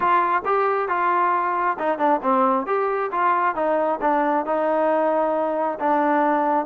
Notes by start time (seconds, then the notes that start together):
0.00 F4
0.45 G4
0.88 F4
1.78 D#4
1.98 D4
2.22 C4
2.66 G4
3.11 F4
3.55 D#4
4.01 D4
4.45 D#4
5.79 D4